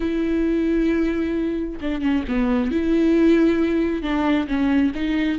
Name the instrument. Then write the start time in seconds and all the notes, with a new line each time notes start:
viola
0.00 E4
1.81 D4
2.01 C#4
2.28 B3
2.71 E4
4.02 D4
4.47 C#4
4.95 D#4